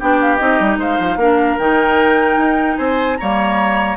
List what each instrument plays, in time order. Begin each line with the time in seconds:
0.00 bassoon B3, clarinet D4, oboe G4, flute G5
0.21 flute F5
0.37 bassoon C4, clarinet D#4, flute D#5
0.60 bassoon G3
0.78 bassoon G#3, oboe C5, flute F5
0.99 bassoon F3
1.17 bassoon A#3, clarinet D4, oboe A#4
1.59 bassoon D#3, clarinet D#4, flute G5
2.37 bassoon D#4
2.77 bassoon C4, oboe C5, flute G#5
3.17 bassoon G3, clarinet A#3, oboe C#5, flute A#5